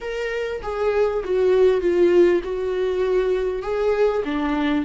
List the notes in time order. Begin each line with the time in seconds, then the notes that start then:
0.01 A#4
0.62 G#4
1.24 F#4
1.80 F4
2.43 F#4
3.62 G#4
4.24 D4